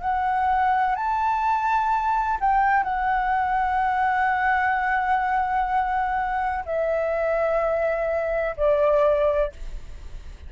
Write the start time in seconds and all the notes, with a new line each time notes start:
0.00 F#5
0.95 A5
2.40 G5
2.83 F#5
6.65 E5
8.56 D5